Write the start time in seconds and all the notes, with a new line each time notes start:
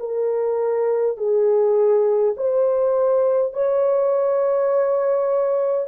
0.00 A#4
1.18 G#4
2.37 C5
3.53 C#5